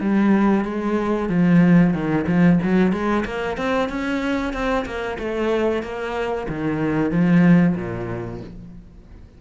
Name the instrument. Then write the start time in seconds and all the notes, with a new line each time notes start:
cello
0.00 G3
0.65 G#3
1.29 F3
1.93 D#3
2.27 F3
2.62 F#3
2.92 G#3
3.25 A#3
3.57 C4
3.89 C#4
4.52 C4
4.85 A#3
5.18 A3
5.82 A#3
6.48 D#3
7.11 F3
7.76 A#2